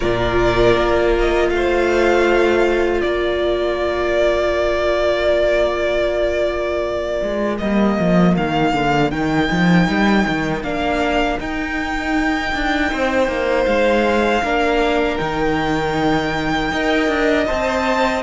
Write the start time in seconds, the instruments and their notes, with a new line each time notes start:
0.00 cello A#2, viola F4, violin A#4 D5
0.76 cello A#3
1.19 violin D#5
1.49 cello A3, violin C5 F5
3.00 cello A#3, violin A#4 D5
7.22 cello G#3
7.58 cello G3, viola A#3, violin D#5
7.99 cello F3
8.36 cello D#3, violin F5
8.73 cello D3
9.10 cello D#3, viola D#4, violin G5
9.51 cello F3
9.88 cello G3
10.27 cello D#3
10.62 cello A#3, viola D4, violin F5
11.39 cello D#4, viola D#4, violin G5
12.54 cello D4
12.91 cello C4, violin C5
13.27 cello A#3
13.65 cello G#3, violin F5
14.42 cello A#3, viola D4, violin A#4
15.17 cello D#3, viola D#4, violin G5
16.71 cello D#4, viola A#4, violin D#5
17.08 cello D4
17.46 cello C4, viola C5, violin A5